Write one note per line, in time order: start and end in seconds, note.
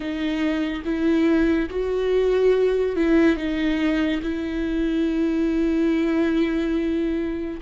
0.00 0.82 D#4
0.85 1.69 E4
1.69 2.95 F#4
2.95 3.36 E4
3.36 4.20 D#4
4.22 7.60 E4